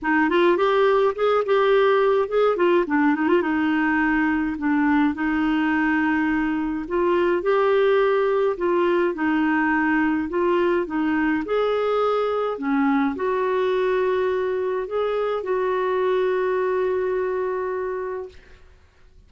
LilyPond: \new Staff \with { instrumentName = "clarinet" } { \time 4/4 \tempo 4 = 105 dis'8 f'8 g'4 gis'8 g'4. | gis'8 f'8 d'8 dis'16 f'16 dis'2 | d'4 dis'2. | f'4 g'2 f'4 |
dis'2 f'4 dis'4 | gis'2 cis'4 fis'4~ | fis'2 gis'4 fis'4~ | fis'1 | }